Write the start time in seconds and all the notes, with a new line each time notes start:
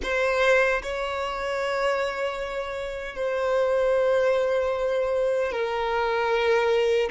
0.03 C5
0.82 C#5
3.15 C5
5.52 A#4